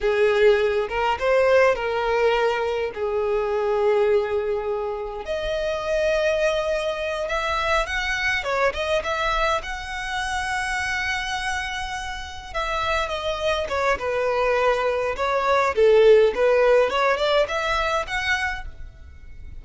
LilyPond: \new Staff \with { instrumentName = "violin" } { \time 4/4 \tempo 4 = 103 gis'4. ais'8 c''4 ais'4~ | ais'4 gis'2.~ | gis'4 dis''2.~ | dis''8 e''4 fis''4 cis''8 dis''8 e''8~ |
e''8 fis''2.~ fis''8~ | fis''4. e''4 dis''4 cis''8 | b'2 cis''4 a'4 | b'4 cis''8 d''8 e''4 fis''4 | }